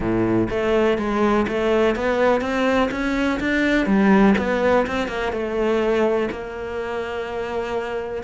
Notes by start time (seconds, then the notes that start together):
0.00 A2
0.49 A3
0.97 G#3
1.48 A3
1.95 B3
2.41 C4
2.91 C#4
3.39 D4
3.86 G3
4.38 B3
4.86 C4
5.08 A#3
5.32 A3
6.30 A#3